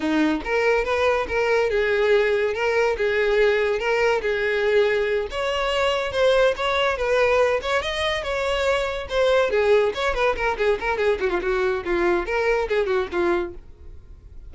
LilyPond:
\new Staff \with { instrumentName = "violin" } { \time 4/4 \tempo 4 = 142 dis'4 ais'4 b'4 ais'4 | gis'2 ais'4 gis'4~ | gis'4 ais'4 gis'2~ | gis'8 cis''2 c''4 cis''8~ |
cis''8 b'4. cis''8 dis''4 cis''8~ | cis''4. c''4 gis'4 cis''8 | b'8 ais'8 gis'8 ais'8 gis'8 fis'16 f'16 fis'4 | f'4 ais'4 gis'8 fis'8 f'4 | }